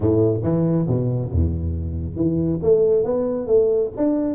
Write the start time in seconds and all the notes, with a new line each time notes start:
0.00 A2
0.42 E3
0.87 B2
1.31 E2
2.16 E3
2.62 A3
3.04 B3
3.46 A3
3.96 D4